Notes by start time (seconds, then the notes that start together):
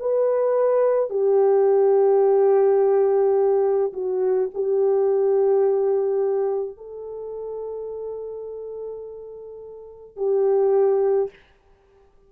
0.00 B4
1.10 G4
3.94 F#4
4.54 G4
6.78 A4
10.17 G4